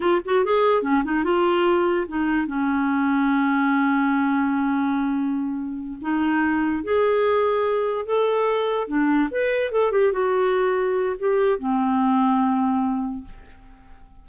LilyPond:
\new Staff \with { instrumentName = "clarinet" } { \time 4/4 \tempo 4 = 145 f'8 fis'8 gis'4 cis'8 dis'8 f'4~ | f'4 dis'4 cis'2~ | cis'1~ | cis'2~ cis'8 dis'4.~ |
dis'8 gis'2. a'8~ | a'4. d'4 b'4 a'8 | g'8 fis'2~ fis'8 g'4 | c'1 | }